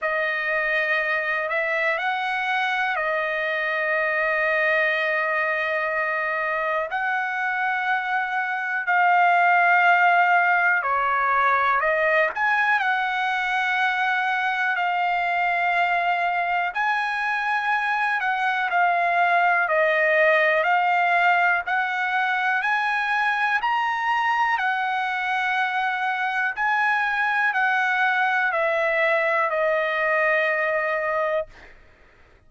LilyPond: \new Staff \with { instrumentName = "trumpet" } { \time 4/4 \tempo 4 = 61 dis''4. e''8 fis''4 dis''4~ | dis''2. fis''4~ | fis''4 f''2 cis''4 | dis''8 gis''8 fis''2 f''4~ |
f''4 gis''4. fis''8 f''4 | dis''4 f''4 fis''4 gis''4 | ais''4 fis''2 gis''4 | fis''4 e''4 dis''2 | }